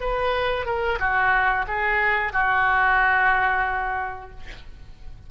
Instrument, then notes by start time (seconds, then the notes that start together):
oboe
0.00 B4
0.66 A#4
1.00 F#4
1.67 G#4
2.32 F#4